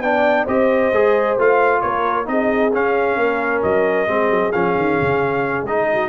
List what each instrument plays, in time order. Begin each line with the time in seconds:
0.00 tuba B3, trombone D4, horn D5, trumpet G5
0.45 tuba C4, trombone G4, horn C5, trumpet D#5
0.92 tuba G#3, trombone G#4
1.38 tuba A3, trombone F4, trumpet F5
1.81 tuba A#3, horn A#4, trumpet C#5
2.25 tuba C4, trombone D#4, horn G#4, trumpet D#5
2.73 tuba C#4, trombone C#4, trumpet F5
3.17 tuba A#3, horn A#4
3.63 tuba F#3, trumpet D#5
4.07 tuba G#3, trombone C4, horn G#4
4.30 tuba F#3
4.52 tuba F3, trombone C#4, trumpet F5
4.76 tuba D#3
5.02 tuba C#3
5.62 tuba G#3, trombone D#4, trumpet D#5
5.92 horn F#4